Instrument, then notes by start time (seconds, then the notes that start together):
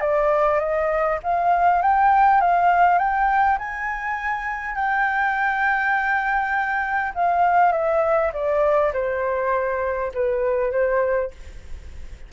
flute
0.00 D5
0.59 D#5
1.23 F5
1.82 G5
2.41 F5
2.98 G5
3.58 G#5
4.75 G5
7.14 F5
7.72 E5
8.33 D5
8.93 C5
10.14 B4
10.71 C5